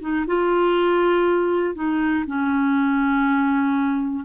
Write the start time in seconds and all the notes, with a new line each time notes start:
0.00 D#4
0.27 F4
1.74 D#4
2.27 C#4